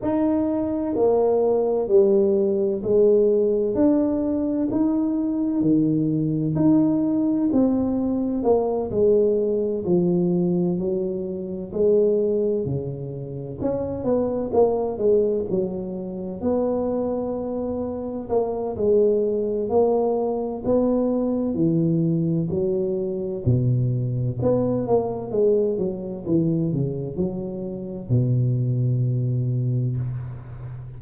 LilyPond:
\new Staff \with { instrumentName = "tuba" } { \time 4/4 \tempo 4 = 64 dis'4 ais4 g4 gis4 | d'4 dis'4 dis4 dis'4 | c'4 ais8 gis4 f4 fis8~ | fis8 gis4 cis4 cis'8 b8 ais8 |
gis8 fis4 b2 ais8 | gis4 ais4 b4 e4 | fis4 b,4 b8 ais8 gis8 fis8 | e8 cis8 fis4 b,2 | }